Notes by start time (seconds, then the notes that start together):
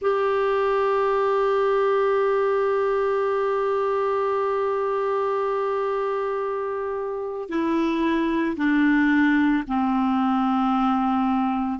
0.01 G4
7.49 E4
8.56 D4
9.67 C4